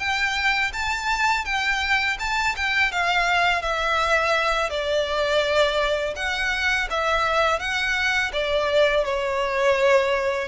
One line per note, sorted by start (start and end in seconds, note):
0.00 0.72 G5
0.74 1.46 A5
1.46 2.18 G5
2.20 2.56 A5
2.57 2.92 G5
2.92 3.62 F5
3.62 4.70 E5
4.70 6.15 D5
6.16 6.89 F#5
6.91 7.60 E5
7.60 8.32 F#5
8.33 9.05 D5
9.05 10.49 C#5